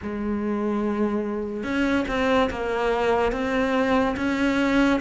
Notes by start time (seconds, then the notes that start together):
0.02 G#3
1.63 C#4
2.08 C4
2.50 A#3
3.32 C4
4.16 C#4